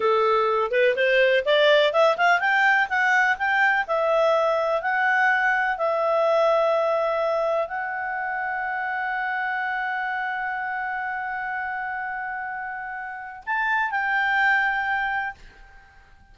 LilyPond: \new Staff \with { instrumentName = "clarinet" } { \time 4/4 \tempo 4 = 125 a'4. b'8 c''4 d''4 | e''8 f''8 g''4 fis''4 g''4 | e''2 fis''2 | e''1 |
fis''1~ | fis''1~ | fis''1 | a''4 g''2. | }